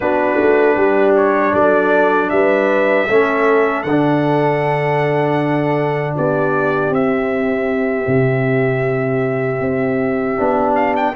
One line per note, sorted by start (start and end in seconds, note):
0.00 0.39 B3
0.00 3.08 D4
0.00 0.75 F#4
0.00 1.15 B4
0.40 0.76 A3
0.75 1.53 G3
0.75 1.52 G4
1.16 1.54 C#5
1.53 2.30 F#3
1.53 2.29 A4
1.53 2.29 D5
2.29 3.08 G3
2.29 3.07 B4
2.29 3.82 E5
3.07 3.84 A3
3.07 3.86 C#4
3.07 6.15 A4
3.82 6.14 D3
3.82 6.92 D4
3.82 6.13 F#5
6.15 6.90 B3
6.15 11.15 G4
6.15 6.93 D5
6.90 8.05 C4
6.90 10.36 C4
6.90 10.75 E5
8.07 9.60 C3
9.60 10.37 C4
10.36 11.15 B3
10.36 11.13 D4
10.75 10.94 F5
10.96 11.15 G5